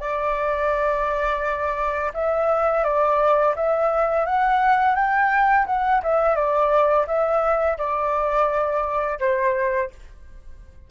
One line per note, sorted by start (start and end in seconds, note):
0.00 2.12 D5
2.14 2.84 E5
2.84 3.55 D5
3.56 4.26 E5
4.26 4.95 F#5
4.95 5.66 G5
5.66 6.02 F#5
6.03 6.35 E5
6.35 7.06 D5
7.07 7.77 E5
7.78 9.19 D5
9.20 9.90 C5